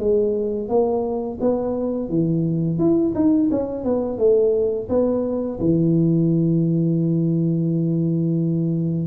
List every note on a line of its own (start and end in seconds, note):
0.00 0.69 G#3
0.69 1.39 A#3
1.41 2.10 B3
2.10 2.79 E3
2.79 3.14 E4
3.15 3.50 D#4
3.51 3.84 C#4
3.84 4.19 B3
4.19 4.88 A3
4.89 5.59 B3
5.60 9.07 E3